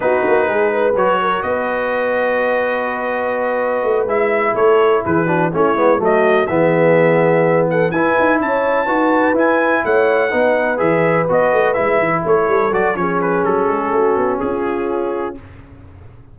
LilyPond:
<<
  \new Staff \with { instrumentName = "trumpet" } { \time 4/4 \tempo 4 = 125 b'2 cis''4 dis''4~ | dis''1~ | dis''8 e''4 cis''4 b'4 cis''8~ | cis''8 dis''4 e''2~ e''8 |
fis''8 gis''4 a''2 gis''8~ | gis''8 fis''2 e''4 dis''8~ | dis''8 e''4 cis''4 d''8 cis''8 b'8 | a'2 gis'2 | }
  \new Staff \with { instrumentName = "horn" } { \time 4/4 fis'4 gis'8 b'4 ais'8 b'4~ | b'1~ | b'4. a'4 gis'8 fis'8 e'8~ | e'8 fis'4 gis'2~ gis'8 |
a'8 b'4 cis''4 b'4.~ | b'8 cis''4 b'2~ b'8~ | b'4. a'4. gis'4~ | gis'4 fis'4 f'2 | }
  \new Staff \with { instrumentName = "trombone" } { \time 4/4 dis'2 fis'2~ | fis'1~ | fis'8 e'2~ e'8 d'8 cis'8 | b8 a4 b2~ b8~ |
b8 e'2 fis'4 e'8~ | e'4. dis'4 gis'4 fis'8~ | fis'8 e'2 fis'8 cis'4~ | cis'1 | }
  \new Staff \with { instrumentName = "tuba" } { \time 4/4 b8 ais8 gis4 fis4 b4~ | b1 | a8 gis4 a4 e4 a8 | gis8 fis4 e2~ e8~ |
e8 e'8 dis'8 cis'4 dis'4 e'8~ | e'8 a4 b4 e4 b8 | a8 gis8 e8 a8 g8 fis8 f4 | fis8 gis8 a8 b8 cis'2 | }
>>